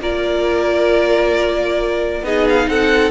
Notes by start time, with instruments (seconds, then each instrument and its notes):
0.00 cello A#3, viola F4, violin A#4 D5
2.22 cello B3, viola D#4, violin G#4 D#5
2.49 violin F5
2.68 cello C4, violin A4 F#5